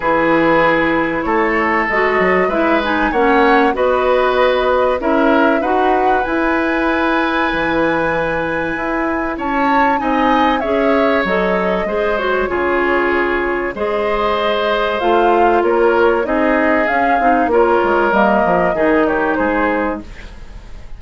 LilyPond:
<<
  \new Staff \with { instrumentName = "flute" } { \time 4/4 \tempo 4 = 96 b'2 cis''4 dis''4 | e''8 gis''8 fis''4 dis''2 | e''4 fis''4 gis''2~ | gis''2. a''4 |
gis''4 e''4 dis''4. cis''8~ | cis''2 dis''2 | f''4 cis''4 dis''4 f''4 | cis''4 dis''4. cis''8 c''4 | }
  \new Staff \with { instrumentName = "oboe" } { \time 4/4 gis'2 a'2 | b'4 cis''4 b'2 | ais'4 b'2.~ | b'2. cis''4 |
dis''4 cis''2 c''4 | gis'2 c''2~ | c''4 ais'4 gis'2 | ais'2 gis'8 g'8 gis'4 | }
  \new Staff \with { instrumentName = "clarinet" } { \time 4/4 e'2. fis'4 | e'8 dis'8 cis'4 fis'2 | e'4 fis'4 e'2~ | e'1 |
dis'4 gis'4 a'4 gis'8 fis'8 | f'2 gis'2 | f'2 dis'4 cis'8 dis'8 | f'4 ais4 dis'2 | }
  \new Staff \with { instrumentName = "bassoon" } { \time 4/4 e2 a4 gis8 fis8 | gis4 ais4 b2 | cis'4 dis'4 e'2 | e2 e'4 cis'4 |
c'4 cis'4 fis4 gis4 | cis2 gis2 | a4 ais4 c'4 cis'8 c'8 | ais8 gis8 g8 f8 dis4 gis4 | }
>>